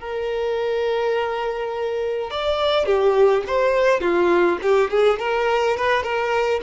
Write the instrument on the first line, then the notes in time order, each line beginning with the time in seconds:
violin
0.00 A#4
2.31 D5
2.86 G4
3.47 C5
4.00 F4
4.62 G4
4.90 G#4
5.19 A#4
5.77 B4
6.03 A#4